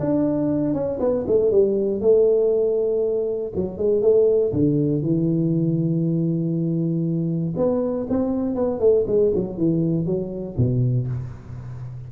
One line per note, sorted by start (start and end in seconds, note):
0.00 0.74 D4
0.74 0.99 C#4
1.00 1.25 B3
1.27 1.51 A3
1.51 2.01 G3
2.01 3.53 A3
3.55 3.78 F#3
3.78 4.02 G#3
4.02 4.52 A3
4.53 5.02 D3
5.02 7.54 E3
7.57 8.07 B3
8.10 8.55 C4
8.55 8.80 B3
8.80 9.05 A3
9.07 9.32 G#3
9.35 9.58 F#3
9.58 10.06 E3
10.06 10.57 F#3
10.57 11.08 B2